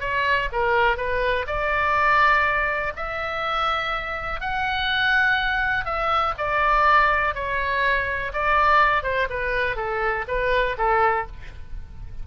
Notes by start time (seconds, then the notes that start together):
0.00 C#5
0.52 A#4
0.97 B4
1.46 D5
2.96 E5
4.40 F#5
5.84 E5
6.37 D5
7.34 C#5
8.33 D5
9.02 C5
9.29 B4
9.76 A4
10.27 B4
10.78 A4